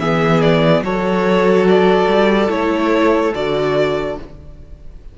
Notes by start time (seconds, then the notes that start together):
0.00 E3 B3 G#4 E5
0.42 D5
0.81 F#3 F#4 A4 C#5
1.68 D5
2.07 G3
2.49 A3 E4 C#5
3.35 D3 F#4 D5